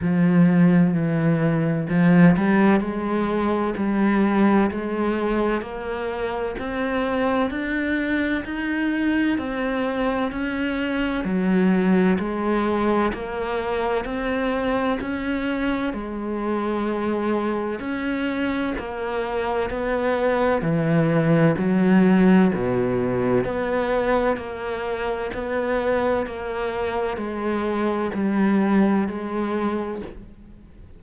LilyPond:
\new Staff \with { instrumentName = "cello" } { \time 4/4 \tempo 4 = 64 f4 e4 f8 g8 gis4 | g4 gis4 ais4 c'4 | d'4 dis'4 c'4 cis'4 | fis4 gis4 ais4 c'4 |
cis'4 gis2 cis'4 | ais4 b4 e4 fis4 | b,4 b4 ais4 b4 | ais4 gis4 g4 gis4 | }